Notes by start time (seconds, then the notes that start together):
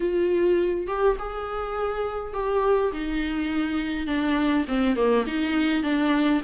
0.00 F4
0.87 G4
1.18 G#4
2.33 G4
2.92 D#4
4.06 D4
4.68 C4
4.96 A#3
5.26 D#4
5.83 D4